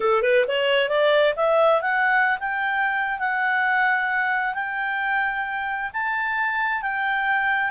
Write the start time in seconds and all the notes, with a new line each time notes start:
0.00 A4
0.22 B4
0.47 C#5
0.88 D5
1.36 E5
1.81 F#5
2.39 G5
3.19 F#5
4.54 G5
5.93 A5
6.82 G5